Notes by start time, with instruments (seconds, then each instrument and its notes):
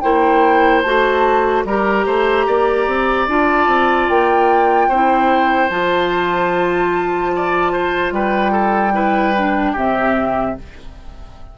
0.00 bassoon A#3, clarinet E4, oboe C5, flute G5
0.82 bassoon A3, clarinet F#4, flute A5
1.65 bassoon G3, clarinet G4, oboe A#4, flute A#5
2.06 bassoon A3, oboe C5
2.47 bassoon A#3, oboe D5
2.87 bassoon C4
3.27 bassoon D4, clarinet F4, flute A5
3.67 bassoon C4
4.08 bassoon A#3, flute G5
4.88 bassoon C4, clarinet E4, oboe C5
5.69 bassoon F3, clarinet F4, flute A5
7.35 oboe D5
7.72 oboe C5
8.11 bassoon G3, oboe B4, flute G5
8.52 oboe A4
8.93 clarinet E4, oboe B4
9.38 clarinet D4
9.72 bassoon C3, clarinet C4, oboe G4, flute E5